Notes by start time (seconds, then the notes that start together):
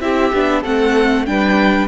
0.00 C4 E4 G4 E5
0.33 B3 D4
0.61 A3 C4 A4 F#5
1.26 G3 D4 B4 G5